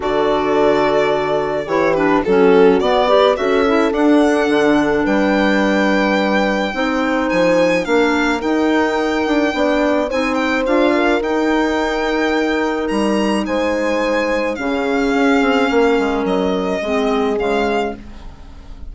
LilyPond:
<<
  \new Staff \with { instrumentName = "violin" } { \time 4/4 \tempo 4 = 107 d''2. cis''8 b'8 | a'4 d''4 e''4 fis''4~ | fis''4 g''2.~ | g''4 gis''4 f''4 g''4~ |
g''2 gis''8 g''8 f''4 | g''2. ais''4 | gis''2 f''2~ | f''4 dis''2 f''4 | }
  \new Staff \with { instrumentName = "horn" } { \time 4/4 a'2. g'4 | fis'4. b'8 a'2~ | a'4 b'2. | c''2 ais'2~ |
ais'4 d''4 c''4. ais'8~ | ais'1 | c''2 gis'2 | ais'2 gis'2 | }
  \new Staff \with { instrumentName = "clarinet" } { \time 4/4 fis'2. e'8 d'8 | cis'4 b8 g'8 fis'8 e'8 d'4~ | d'1 | dis'2 d'4 dis'4~ |
dis'4 d'4 dis'4 f'4 | dis'1~ | dis'2 cis'2~ | cis'2 c'4 gis4 | }
  \new Staff \with { instrumentName = "bassoon" } { \time 4/4 d2. e4 | fis4 b4 cis'4 d'4 | d4 g2. | c'4 f4 ais4 dis'4~ |
dis'8 d'8 b4 c'4 d'4 | dis'2. g4 | gis2 cis4 cis'8 c'8 | ais8 gis8 fis4 gis4 cis4 | }
>>